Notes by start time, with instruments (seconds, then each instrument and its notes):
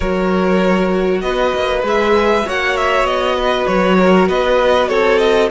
0.00 cello F#3, viola F#4, violin A#4 C#5
1.21 cello B3, violin B4 D#5
1.54 cello A#3
1.82 cello G#3, viola G#4, violin E5
2.45 cello A#3, viola F#4, violin C#5 F#5
2.76 violin E5
3.03 cello B3, violin D#5
3.36 violin B4
3.66 cello F#3, violin C#5
3.99 violin A#4
4.28 cello B3, violin B4 D#5
4.88 cello C4, violin A4 C#5
5.17 violin D#5